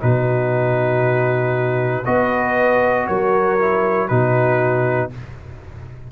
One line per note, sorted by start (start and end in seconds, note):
0.00 2.06 B2
0.00 2.03 D#4
0.00 2.07 F#4
0.00 2.05 B4
2.05 3.08 B3
2.05 3.58 F#4
2.05 3.09 B4
2.05 3.07 D#5
3.07 4.10 F#3
3.07 4.09 A#4
3.07 4.08 C#5
3.58 4.09 E4
4.08 5.11 B2
4.08 5.11 D#4
4.08 5.10 F#4
4.08 5.10 B4